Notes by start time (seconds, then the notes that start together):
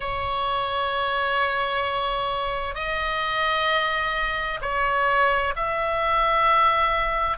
0.00 C#5
2.74 D#5
4.61 C#5
5.56 E5